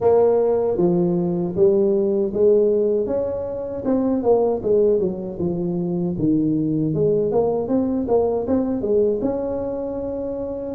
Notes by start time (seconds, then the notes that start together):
0.00 A#3
0.77 F3
1.56 G3
2.33 G#3
3.06 C#4
3.84 C4
4.22 A#3
4.62 G#3
4.99 F#3
5.39 F3
6.18 D#3
6.93 G#3
7.31 A#3
7.68 C4
8.08 A#3
8.47 C4
8.81 G#3
9.21 C#4